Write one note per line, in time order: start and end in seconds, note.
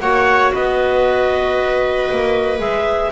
0.00 0.52 A#3
0.00 2.59 F#4
0.00 0.52 C#5
0.00 0.52 F#5
0.52 2.10 B3
0.52 3.12 B4
0.52 2.60 D#5
2.11 2.59 A#3
2.59 3.12 G#3
2.59 3.11 G#4
2.59 3.12 E5